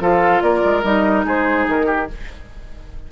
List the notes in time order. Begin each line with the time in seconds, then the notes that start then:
0.00 F3 F4 A4 F5
0.41 A#3 A#4 D5
0.64 G#3
0.83 G3 D#4 D#5
1.25 G#3 G#4 C5
1.67 D#3 A#4
1.86 G4